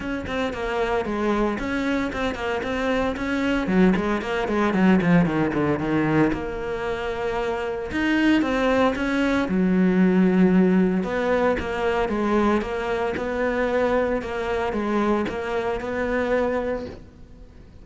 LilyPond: \new Staff \with { instrumentName = "cello" } { \time 4/4 \tempo 4 = 114 cis'8 c'8 ais4 gis4 cis'4 | c'8 ais8 c'4 cis'4 fis8 gis8 | ais8 gis8 fis8 f8 dis8 d8 dis4 | ais2. dis'4 |
c'4 cis'4 fis2~ | fis4 b4 ais4 gis4 | ais4 b2 ais4 | gis4 ais4 b2 | }